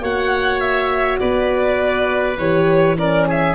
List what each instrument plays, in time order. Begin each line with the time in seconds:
0.00 tuba A#3, horn F#4, oboe C#5, violin F#5
0.60 violin E5
1.19 tuba B3, oboe B4, violin D5
2.38 tuba E3, horn G4, violin C#5
2.96 horn C#4, oboe A#4, violin D5
3.27 oboe G#4, violin E5